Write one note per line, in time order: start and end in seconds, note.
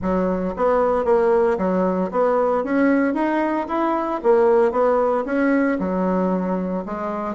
0.01 0.54 F#3
0.56 1.05 B3
1.05 1.57 A#3
1.58 2.11 F#3
2.11 2.64 B3
2.64 3.14 C#4
3.14 3.66 D#4
3.68 4.20 E4
4.23 4.71 A#3
4.71 5.24 B3
5.25 5.78 C#4
5.79 6.84 F#3
6.85 7.35 G#3